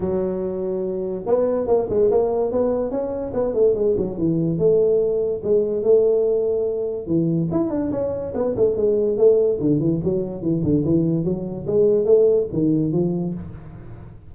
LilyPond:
\new Staff \with { instrumentName = "tuba" } { \time 4/4 \tempo 4 = 144 fis2. b4 | ais8 gis8 ais4 b4 cis'4 | b8 a8 gis8 fis8 e4 a4~ | a4 gis4 a2~ |
a4 e4 e'8 d'8 cis'4 | b8 a8 gis4 a4 d8 e8 | fis4 e8 d8 e4 fis4 | gis4 a4 dis4 f4 | }